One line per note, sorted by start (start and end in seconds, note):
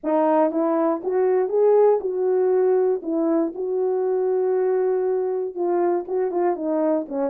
0.03 0.51 D#4
0.51 1.01 E4
1.03 1.49 F#4
1.49 1.99 G#4
2.00 3.01 F#4
3.02 3.52 E4
3.54 5.54 F#4
5.54 6.05 F4
6.07 6.31 F#4
6.31 6.56 F4
6.56 7.06 D#4
7.08 7.30 C#4